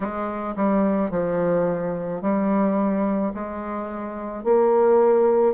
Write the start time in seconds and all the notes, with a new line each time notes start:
0.00 G#3
0.56 G3
1.10 F3
2.21 G3
3.34 G#3
4.43 A#3